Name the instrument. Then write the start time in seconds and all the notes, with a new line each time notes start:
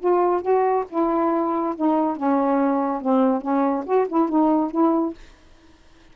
saxophone
0.00 F4
0.42 F#4
0.90 E4
1.76 D#4
2.17 C#4
3.02 C4
3.41 C#4
3.86 F#4
4.08 E4
4.29 D#4
4.71 E4